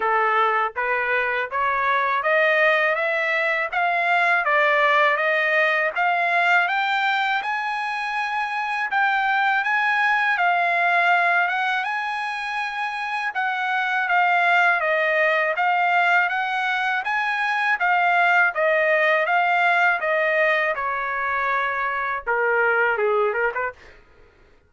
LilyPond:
\new Staff \with { instrumentName = "trumpet" } { \time 4/4 \tempo 4 = 81 a'4 b'4 cis''4 dis''4 | e''4 f''4 d''4 dis''4 | f''4 g''4 gis''2 | g''4 gis''4 f''4. fis''8 |
gis''2 fis''4 f''4 | dis''4 f''4 fis''4 gis''4 | f''4 dis''4 f''4 dis''4 | cis''2 ais'4 gis'8 ais'16 b'16 | }